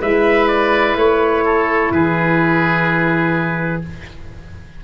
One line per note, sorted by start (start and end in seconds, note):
0.00 0.96 G#3
0.00 3.81 E4
0.00 1.44 B4
0.00 0.48 E5
0.48 0.96 D5
0.96 1.91 A3
0.96 1.92 C#5
1.45 1.92 A4
1.91 3.82 E3
1.91 3.84 G#4
1.91 3.83 B4